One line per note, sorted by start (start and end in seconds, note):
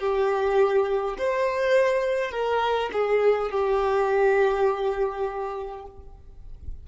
0.00 1.18 G4
1.19 2.32 C5
2.32 2.90 A#4
2.93 3.51 G#4
3.51 5.87 G4